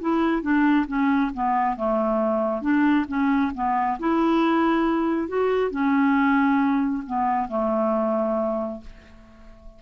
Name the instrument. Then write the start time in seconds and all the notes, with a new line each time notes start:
clarinet
0.00 E4
0.42 D4
0.87 C#4
1.34 B3
1.76 A3
2.61 D4
3.08 C#4
3.54 B3
3.99 E4
5.27 F#4
5.70 C#4
7.06 B3
7.48 A3